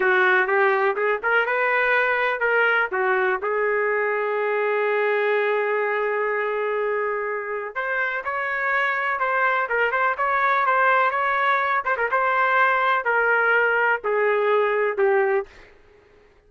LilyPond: \new Staff \with { instrumentName = "trumpet" } { \time 4/4 \tempo 4 = 124 fis'4 g'4 gis'8 ais'8 b'4~ | b'4 ais'4 fis'4 gis'4~ | gis'1~ | gis'1 |
c''4 cis''2 c''4 | ais'8 c''8 cis''4 c''4 cis''4~ | cis''8 c''16 ais'16 c''2 ais'4~ | ais'4 gis'2 g'4 | }